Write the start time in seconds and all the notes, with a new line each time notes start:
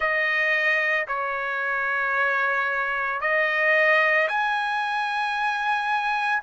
0.00 D#5
1.07 C#5
3.20 D#5
4.28 G#5